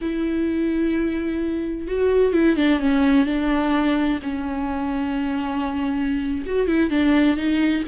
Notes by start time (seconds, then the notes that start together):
0.01 E4
1.87 F#4
2.32 E4
2.56 D4
2.79 C#4
3.26 D4
4.22 C#4
6.46 F#4
6.67 E4
6.90 D4
7.36 D#4